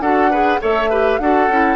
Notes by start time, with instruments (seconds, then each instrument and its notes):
0.00 bassoon D4, clarinet F#4, oboe A4, flute F#5
0.31 clarinet G#4, oboe B4
0.61 bassoon A3, clarinet A4, oboe C#5, flute E5
0.90 clarinet G4, oboe B4
1.19 bassoon D4, clarinet F#4, oboe A4, flute F#5
1.48 bassoon C#4, clarinet E4